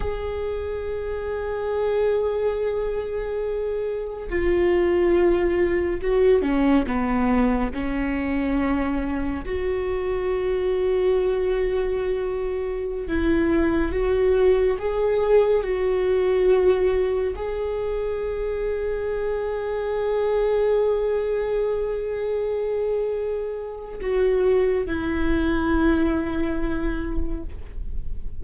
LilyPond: \new Staff \with { instrumentName = "viola" } { \time 4/4 \tempo 4 = 70 gis'1~ | gis'4 f'2 fis'8 cis'8 | b4 cis'2 fis'4~ | fis'2.~ fis'16 e'8.~ |
e'16 fis'4 gis'4 fis'4.~ fis'16~ | fis'16 gis'2.~ gis'8.~ | gis'1 | fis'4 e'2. | }